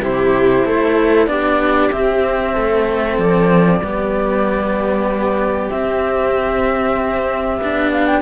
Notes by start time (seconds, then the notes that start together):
0.00 C3 E4 G4 C5
0.65 A3 A4
1.26 B3 D4 G4 D5
1.91 C4 E5
2.53 A3 A4
3.18 F3 D5
3.79 G3 B3 G4
5.69 C4 E5
7.57 B3 D4
7.92 F5
8.06 G5